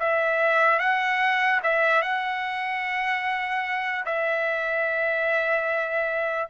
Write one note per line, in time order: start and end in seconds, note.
0.00 0.80 E5
0.80 1.61 F#5
1.63 2.02 E5
2.02 4.05 F#5
4.06 6.49 E5